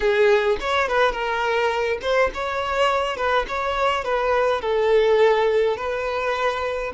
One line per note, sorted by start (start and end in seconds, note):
0.00 0.57 G#4
0.60 0.88 C#5
0.88 1.12 B4
1.12 1.98 A#4
2.01 2.30 C5
2.33 3.16 C#5
3.16 3.45 B4
3.48 4.04 C#5
4.04 4.61 B4
4.61 5.76 A4
5.76 6.92 B4